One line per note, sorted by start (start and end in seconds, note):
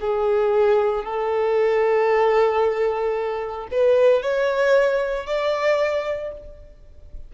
0.00 1.04 G#4
1.04 3.67 A4
3.71 4.22 B4
4.22 5.26 C#5
5.26 6.31 D5